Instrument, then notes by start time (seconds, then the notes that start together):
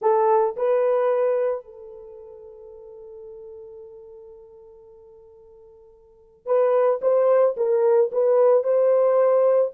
horn
0.01 A4
0.56 B4
1.64 A4
6.46 B4
7.01 C5
7.57 A#4
8.12 B4
8.63 C5